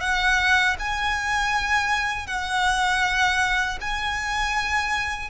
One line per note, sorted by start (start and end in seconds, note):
0.00 0.76 F#5
0.79 2.26 G#5
2.26 3.78 F#5
3.80 5.30 G#5